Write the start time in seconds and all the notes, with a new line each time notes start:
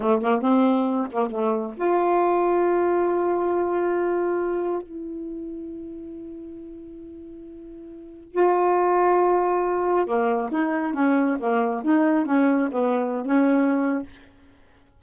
0.00 A3
0.21 A#3
0.42 C4
1.11 A#3
1.30 A3
1.77 F4
4.82 E4
8.32 F4
10.06 A#3
10.51 D#4
10.93 C#4
11.39 A#3
11.84 D#4
12.25 C#4
12.71 B3
13.25 C#4